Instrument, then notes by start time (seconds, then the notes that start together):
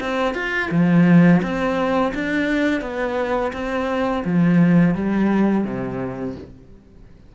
cello
0.00 C4
0.34 F4
0.70 F3
1.42 C4
2.14 D4
2.81 B3
3.53 C4
4.24 F3
4.94 G3
5.64 C3